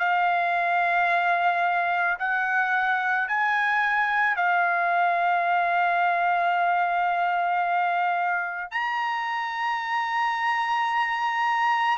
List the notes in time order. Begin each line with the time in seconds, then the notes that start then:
0.00 F5
2.19 F#5
3.28 G#5
4.36 F5
8.72 A#5